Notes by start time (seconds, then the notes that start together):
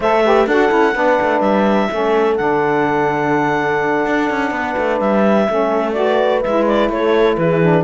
0.00 A3 A4 C5 E5
0.23 G4 B4
0.46 D4 F#4 A4 F#5
0.68 C#4 E4
0.94 B3 D4 B4
1.21 A3
1.40 G3 E5
1.91 A3 C#4 A4
2.36 D3 D4 F#5
4.06 D4
4.29 C#4
4.51 B3 B4
4.77 A3
4.99 G3 E5
5.48 A3 C#4 A4
5.93 F#4 B4 D5
6.41 G#3 E4 E5
6.66 D5
6.89 A3 A4 C#5
7.36 E3 G#4 B4
7.62 D4